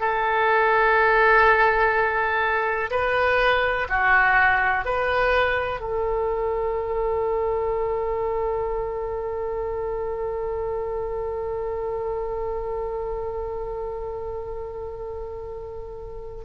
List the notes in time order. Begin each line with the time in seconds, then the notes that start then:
0.00 A4
2.90 B4
3.89 F#4
4.85 B4
5.80 A4